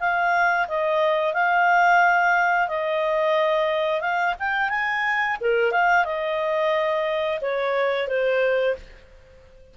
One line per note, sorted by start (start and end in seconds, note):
0.00 0.67 F5
0.68 1.34 D#5
1.34 2.68 F5
2.68 4.01 D#5
4.01 4.35 F5
4.39 4.69 G5
4.69 5.37 G#5
5.41 5.72 A#4
5.72 6.05 F5
6.05 7.39 D#5
7.41 8.08 C#5
8.08 8.75 C5